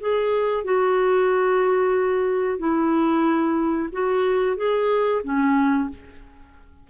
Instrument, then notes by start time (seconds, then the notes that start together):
clarinet
0.00 G#4
0.64 F#4
2.58 E4
3.92 F#4
4.57 G#4
5.24 C#4